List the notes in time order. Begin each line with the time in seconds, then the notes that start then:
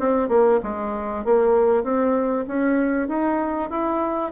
0.00 C4
0.29 A#3
0.64 G#3
1.25 A#3
1.84 C4
2.48 C#4
3.08 D#4
3.70 E4